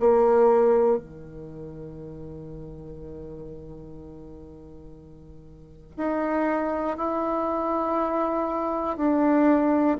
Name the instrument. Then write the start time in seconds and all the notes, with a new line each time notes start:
bassoon
0.00 A#3
0.98 D#3
5.97 D#4
6.97 E4
8.97 D4